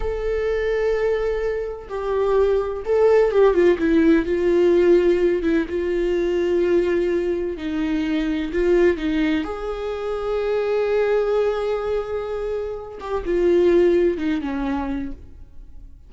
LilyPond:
\new Staff \with { instrumentName = "viola" } { \time 4/4 \tempo 4 = 127 a'1 | g'2 a'4 g'8 f'8 | e'4 f'2~ f'8 e'8 | f'1 |
dis'2 f'4 dis'4 | gis'1~ | gis'2.~ gis'8 g'8 | f'2 dis'8 cis'4. | }